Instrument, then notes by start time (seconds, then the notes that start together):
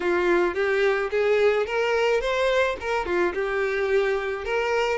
violin
0.00 F4
0.54 G4
1.10 G#4
1.66 A#4
2.20 C5
2.80 A#4
3.05 F4
3.34 G4
4.44 A#4